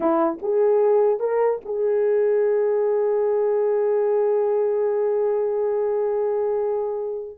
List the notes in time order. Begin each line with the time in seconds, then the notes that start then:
0.00 E4
0.41 G#4
1.19 A#4
1.65 G#4